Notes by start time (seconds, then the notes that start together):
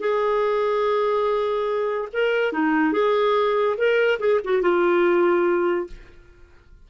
0.00 G#4
2.13 A#4
2.52 D#4
2.93 G#4
3.77 A#4
4.19 G#4
4.44 F#4
4.62 F4